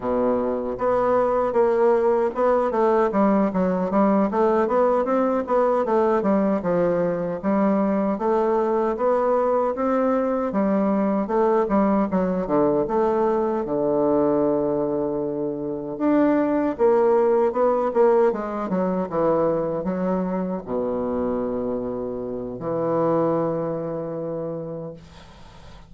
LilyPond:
\new Staff \with { instrumentName = "bassoon" } { \time 4/4 \tempo 4 = 77 b,4 b4 ais4 b8 a8 | g8 fis8 g8 a8 b8 c'8 b8 a8 | g8 f4 g4 a4 b8~ | b8 c'4 g4 a8 g8 fis8 |
d8 a4 d2~ d8~ | d8 d'4 ais4 b8 ais8 gis8 | fis8 e4 fis4 b,4.~ | b,4 e2. | }